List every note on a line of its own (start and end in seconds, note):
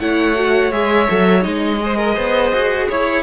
0.00 0.72 A3
0.00 0.35 E4
0.00 1.82 C#5
0.00 0.72 F#5
0.35 0.72 F#4
0.72 1.09 G#3
0.72 1.08 G#4
0.72 1.43 E5
1.08 1.45 F#3
1.08 1.42 A4
1.42 2.17 G#3
1.42 1.78 D#4
1.42 2.88 D#5
1.82 3.23 G#4
1.82 1.97 C5
1.97 2.15 A#4
2.15 2.53 B3
2.15 2.87 C5
2.53 2.89 F#4
2.88 3.23 E4
2.88 3.23 C#5